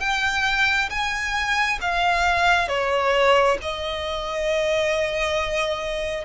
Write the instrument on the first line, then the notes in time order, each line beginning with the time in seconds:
violin
0.00 G5
0.90 G#5
1.81 F5
2.68 C#5
3.62 D#5